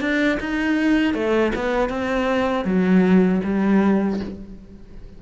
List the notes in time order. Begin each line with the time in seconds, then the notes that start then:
0.00 D4
0.39 D#4
1.14 A3
1.55 B3
1.88 C4
2.64 F#3
3.44 G3